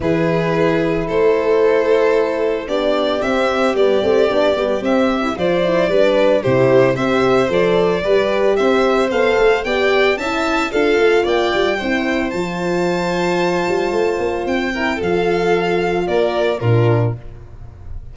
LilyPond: <<
  \new Staff \with { instrumentName = "violin" } { \time 4/4 \tempo 4 = 112 b'2 c''2~ | c''4 d''4 e''4 d''4~ | d''4 e''4 d''2 | c''4 e''4 d''2 |
e''4 f''4 g''4 a''4 | f''4 g''2 a''4~ | a''2. g''4 | f''2 d''4 ais'4 | }
  \new Staff \with { instrumentName = "violin" } { \time 4/4 gis'2 a'2~ | a'4 g'2.~ | g'2 c''4 b'4 | g'4 c''2 b'4 |
c''2 d''4 e''4 | a'4 d''4 c''2~ | c''2.~ c''8 ais'8 | a'2 ais'4 f'4 | }
  \new Staff \with { instrumentName = "horn" } { \time 4/4 e'1~ | e'4 d'4 c'4 b8 c'8 | d'8 b8 c'8. e'16 f'8 e'8 d'4 | e'4 g'4 a'4 g'4~ |
g'4 a'4 g'4 e'4 | f'2 e'4 f'4~ | f'2.~ f'8 e'8 | f'2. d'4 | }
  \new Staff \with { instrumentName = "tuba" } { \time 4/4 e2 a2~ | a4 b4 c'4 g8 a8 | b8 g8 c'4 f4 g4 | c4 c'4 f4 g4 |
c'4 b8 a8 b4 cis'4 | d'8 a8 ais8 g8 c'4 f4~ | f4. g8 a8 ais8 c'4 | f2 ais4 ais,4 | }
>>